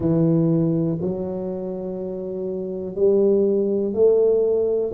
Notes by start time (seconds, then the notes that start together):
0.00 E3
1.01 F#3
2.95 G3
3.93 A3